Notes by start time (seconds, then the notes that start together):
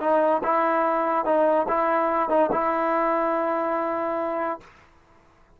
0.00 D#4
0.43 E4
1.25 D#4
1.68 E4
2.29 D#4
2.52 E4